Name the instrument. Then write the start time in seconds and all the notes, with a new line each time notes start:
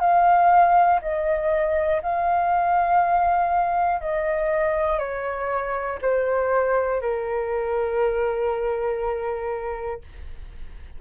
flute
0.00 F5
1.01 D#5
2.02 F5
4.00 D#5
4.99 C#5
6.01 C5
7.01 A#4